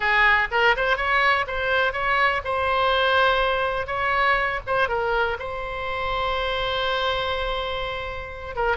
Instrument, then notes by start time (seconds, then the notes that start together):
oboe
0.00 G#4
0.51 A#4
0.76 C5
0.96 C#5
1.47 C5
1.92 C#5
2.44 C5
3.86 C#5
4.67 C5
4.88 A#4
5.39 C5
8.55 A#4